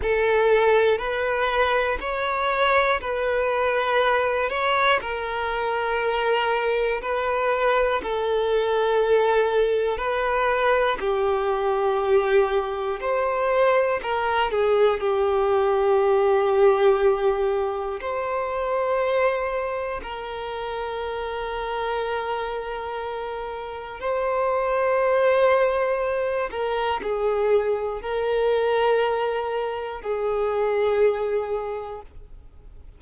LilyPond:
\new Staff \with { instrumentName = "violin" } { \time 4/4 \tempo 4 = 60 a'4 b'4 cis''4 b'4~ | b'8 cis''8 ais'2 b'4 | a'2 b'4 g'4~ | g'4 c''4 ais'8 gis'8 g'4~ |
g'2 c''2 | ais'1 | c''2~ c''8 ais'8 gis'4 | ais'2 gis'2 | }